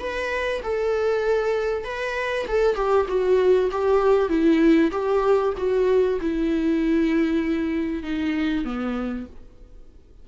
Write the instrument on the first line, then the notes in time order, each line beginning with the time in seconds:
viola
0.00 B4
0.64 A4
1.85 B4
2.48 A4
2.76 G4
3.09 F#4
3.72 G4
4.29 E4
4.92 G4
5.58 F#4
6.21 E4
8.04 D#4
8.65 B3